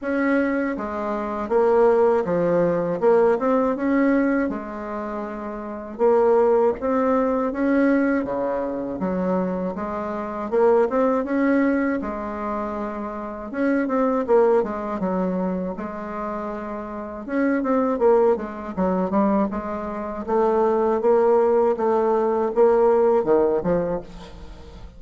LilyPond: \new Staff \with { instrumentName = "bassoon" } { \time 4/4 \tempo 4 = 80 cis'4 gis4 ais4 f4 | ais8 c'8 cis'4 gis2 | ais4 c'4 cis'4 cis4 | fis4 gis4 ais8 c'8 cis'4 |
gis2 cis'8 c'8 ais8 gis8 | fis4 gis2 cis'8 c'8 | ais8 gis8 fis8 g8 gis4 a4 | ais4 a4 ais4 dis8 f8 | }